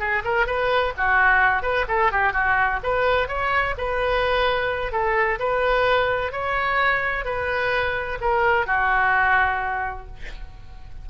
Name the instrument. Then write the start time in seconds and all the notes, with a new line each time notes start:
oboe
0.00 G#4
0.25 A#4
0.47 B4
0.98 F#4
1.63 B4
1.89 A4
2.12 G4
2.33 F#4
2.84 B4
3.28 C#5
3.78 B4
4.93 A4
5.40 B4
6.33 C#5
7.25 B4
8.21 A#4
8.67 F#4